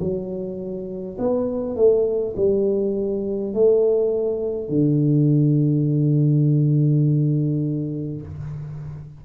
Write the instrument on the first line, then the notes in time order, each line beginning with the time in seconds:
tuba
0.00 F#3
1.18 B3
1.76 A3
2.36 G3
3.53 A3
4.68 D3